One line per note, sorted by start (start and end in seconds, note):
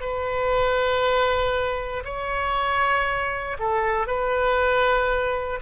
0.00 2.03 B4
2.05 3.57 C#5
3.59 4.07 A4
4.07 5.60 B4